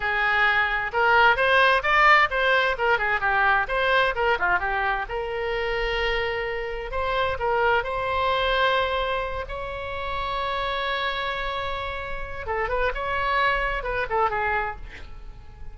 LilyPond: \new Staff \with { instrumentName = "oboe" } { \time 4/4 \tempo 4 = 130 gis'2 ais'4 c''4 | d''4 c''4 ais'8 gis'8 g'4 | c''4 ais'8 f'8 g'4 ais'4~ | ais'2. c''4 |
ais'4 c''2.~ | c''8 cis''2.~ cis''8~ | cis''2. a'8 b'8 | cis''2 b'8 a'8 gis'4 | }